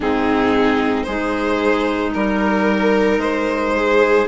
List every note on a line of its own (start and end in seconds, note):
0.00 1.06 G#2
0.00 1.07 C4
0.00 1.06 D#4
0.00 1.03 G#4
1.03 2.14 G#3
1.03 4.27 D#4
1.03 2.13 G#4
1.03 2.10 C5
2.13 3.17 G3
2.13 3.20 A#4
2.13 3.76 A#4
3.17 4.25 G#3
3.17 4.27 C5
3.76 4.27 G#4